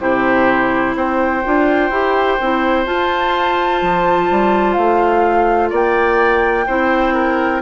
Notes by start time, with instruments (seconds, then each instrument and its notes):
0.00 bassoon C3, clarinet E4, oboe G4, flute C5
0.96 bassoon C4, oboe C5, flute G5
1.45 bassoon D4, clarinet F4
1.91 bassoon E4, clarinet G4
2.41 bassoon C4, clarinet E4
2.86 clarinet F4, bassoon F4, flute A5
3.82 bassoon F3
4.31 bassoon G3
4.73 bassoon A3, flute F5
5.70 bassoon A#3, oboe D5, flute G5
6.67 bassoon C4, clarinet E4, oboe C5
7.14 oboe A#4